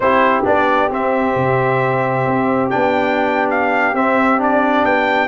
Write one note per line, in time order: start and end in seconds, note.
0.00 0.44 C4
0.00 0.44 E4
0.00 5.28 G4
0.00 0.44 C5
0.44 0.90 B3
0.44 0.89 D4
0.44 0.92 D5
0.89 2.70 C4
0.89 1.35 C4
0.89 2.70 E5
1.35 2.25 C3
2.26 2.71 C4
2.70 3.93 B3
2.70 3.94 D4
2.70 3.49 G5
3.50 3.95 F5
3.93 4.83 C4
3.93 4.38 C4
3.93 4.40 E5
4.38 5.28 D4
4.38 4.85 D5
4.84 5.28 B3
4.84 5.28 G5